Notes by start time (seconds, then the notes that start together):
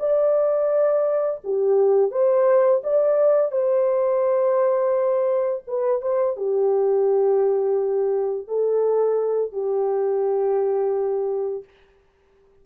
0.00 D5
1.44 G4
2.11 C5
2.84 D5
3.52 C5
5.68 B4
6.02 C5
6.37 G4
8.48 A4
9.53 G4